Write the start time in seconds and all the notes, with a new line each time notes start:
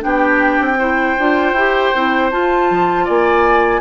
0.00 B3 D4 G4 G5
0.59 C4
0.78 E4 C5
1.19 D4 F4
1.53 E4 G4
1.95 C4 E4
2.31 F4 A5
2.70 F3
3.05 A#3 D5 G#5